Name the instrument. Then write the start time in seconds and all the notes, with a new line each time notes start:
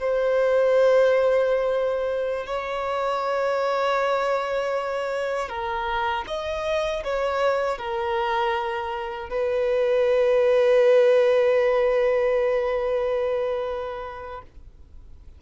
violin
0.00 C5
2.46 C#5
5.49 A#4
6.27 D#5
7.04 C#5
7.78 A#4
9.30 B4